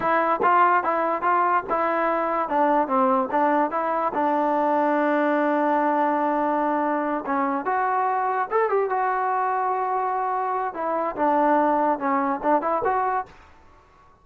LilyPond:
\new Staff \with { instrumentName = "trombone" } { \time 4/4 \tempo 4 = 145 e'4 f'4 e'4 f'4 | e'2 d'4 c'4 | d'4 e'4 d'2~ | d'1~ |
d'4. cis'4 fis'4.~ | fis'8 a'8 g'8 fis'2~ fis'8~ | fis'2 e'4 d'4~ | d'4 cis'4 d'8 e'8 fis'4 | }